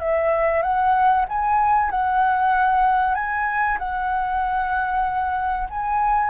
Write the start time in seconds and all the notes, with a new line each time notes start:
0.00 E5
0.63 F#5
1.29 G#5
1.91 F#5
3.15 G#5
3.79 F#5
5.70 G#5